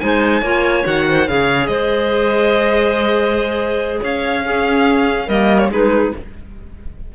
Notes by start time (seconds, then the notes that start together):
0.00 G#3 D#4 C5 G#5
0.42 A#3 F4 C#5
0.84 D#3 F#4 F#5
1.09 C5
1.29 C#3 G#4 C#5 F5
1.67 G#3 C5 D#5
4.02 C#4 C#5 F5
4.43 C#4 G#4
5.26 G3 A#3 A#4 D#5
5.59 C#5
5.70 G#3 D#4 G#4 B4